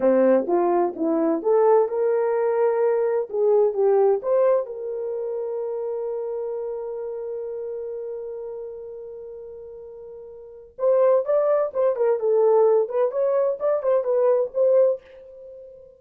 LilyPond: \new Staff \with { instrumentName = "horn" } { \time 4/4 \tempo 4 = 128 c'4 f'4 e'4 a'4 | ais'2. gis'4 | g'4 c''4 ais'2~ | ais'1~ |
ais'1~ | ais'2. c''4 | d''4 c''8 ais'8 a'4. b'8 | cis''4 d''8 c''8 b'4 c''4 | }